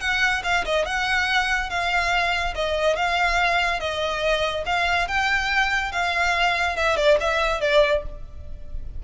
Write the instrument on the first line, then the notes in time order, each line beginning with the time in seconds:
violin
0.00 F#5
0.43 F5
0.65 D#5
0.85 F#5
1.70 F5
2.55 D#5
2.96 F5
3.80 D#5
4.66 F5
5.08 G5
5.92 F5
6.76 E5
6.96 D5
7.20 E5
7.60 D5